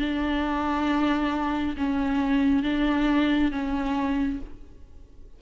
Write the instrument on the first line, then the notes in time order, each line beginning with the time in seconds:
viola
0.00 D4
1.77 C#4
2.64 D4
3.52 C#4